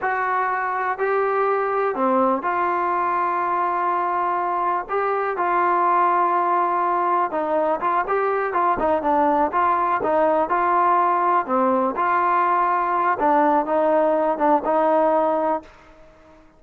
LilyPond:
\new Staff \with { instrumentName = "trombone" } { \time 4/4 \tempo 4 = 123 fis'2 g'2 | c'4 f'2.~ | f'2 g'4 f'4~ | f'2. dis'4 |
f'8 g'4 f'8 dis'8 d'4 f'8~ | f'8 dis'4 f'2 c'8~ | c'8 f'2~ f'8 d'4 | dis'4. d'8 dis'2 | }